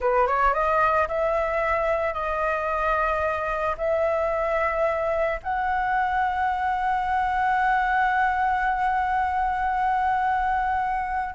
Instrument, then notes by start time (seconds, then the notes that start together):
flute
0.00 B4
0.27 C#5
0.53 D#5
1.08 E5
2.13 D#5
3.77 E5
5.42 F#5